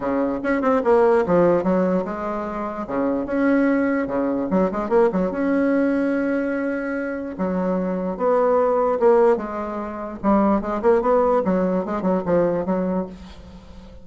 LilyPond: \new Staff \with { instrumentName = "bassoon" } { \time 4/4 \tempo 4 = 147 cis4 cis'8 c'8 ais4 f4 | fis4 gis2 cis4 | cis'2 cis4 fis8 gis8 | ais8 fis8 cis'2.~ |
cis'2 fis2 | b2 ais4 gis4~ | gis4 g4 gis8 ais8 b4 | fis4 gis8 fis8 f4 fis4 | }